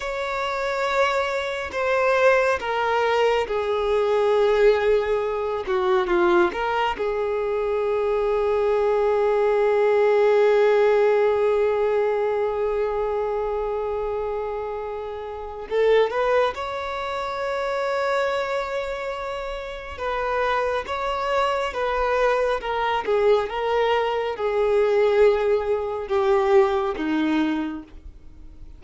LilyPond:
\new Staff \with { instrumentName = "violin" } { \time 4/4 \tempo 4 = 69 cis''2 c''4 ais'4 | gis'2~ gis'8 fis'8 f'8 ais'8 | gis'1~ | gis'1~ |
gis'2 a'8 b'8 cis''4~ | cis''2. b'4 | cis''4 b'4 ais'8 gis'8 ais'4 | gis'2 g'4 dis'4 | }